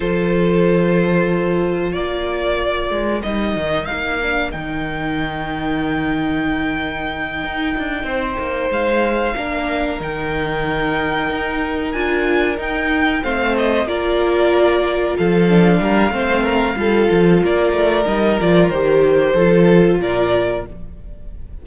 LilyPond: <<
  \new Staff \with { instrumentName = "violin" } { \time 4/4 \tempo 4 = 93 c''2. d''4~ | d''4 dis''4 f''4 g''4~ | g''1~ | g''4. f''2 g''8~ |
g''2~ g''8 gis''4 g''8~ | g''8 f''8 dis''8 d''2 f''8~ | f''2. d''4 | dis''8 d''8 c''2 d''4 | }
  \new Staff \with { instrumentName = "violin" } { \time 4/4 a'2. ais'4~ | ais'1~ | ais'1~ | ais'8 c''2 ais'4.~ |
ais'1~ | ais'8 c''4 ais'2 a'8~ | a'8 ais'8 c''8 ais'8 a'4 ais'4~ | ais'2 a'4 ais'4 | }
  \new Staff \with { instrumentName = "viola" } { \time 4/4 f'1~ | f'4 dis'4. d'8 dis'4~ | dis'1~ | dis'2~ dis'8 d'4 dis'8~ |
dis'2~ dis'8 f'4 dis'8~ | dis'8 c'4 f'2~ f'8 | d'4 c'4 f'2 | dis'8 f'8 g'4 f'2 | }
  \new Staff \with { instrumentName = "cello" } { \time 4/4 f2. ais4~ | ais8 gis8 g8 dis8 ais4 dis4~ | dis2.~ dis8 dis'8 | d'8 c'8 ais8 gis4 ais4 dis8~ |
dis4. dis'4 d'4 dis'8~ | dis'8 a4 ais2 f8~ | f8 g8 a4 g8 f8 ais8 a8 | g8 f8 dis4 f4 ais,4 | }
>>